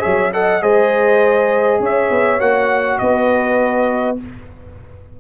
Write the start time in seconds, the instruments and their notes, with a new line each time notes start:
0.00 tuba F#3, trombone G#4, horn C#5, trumpet E5
0.33 trombone A4, horn D#5, trumpet F#5
0.62 tuba G#3, trombone G#4, horn C5, trumpet D#5
1.80 tuba C#4, horn C#5, trumpet E5
2.11 tuba B3
2.39 tuba A#3, trombone F#4, trumpet F#5
2.99 tuba B3, horn B4, trumpet D#5